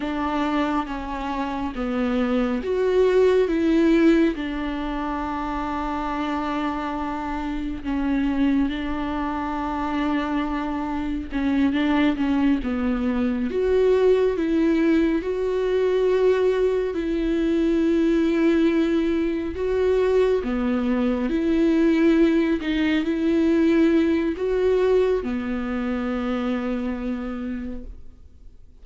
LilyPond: \new Staff \with { instrumentName = "viola" } { \time 4/4 \tempo 4 = 69 d'4 cis'4 b4 fis'4 | e'4 d'2.~ | d'4 cis'4 d'2~ | d'4 cis'8 d'8 cis'8 b4 fis'8~ |
fis'8 e'4 fis'2 e'8~ | e'2~ e'8 fis'4 b8~ | b8 e'4. dis'8 e'4. | fis'4 b2. | }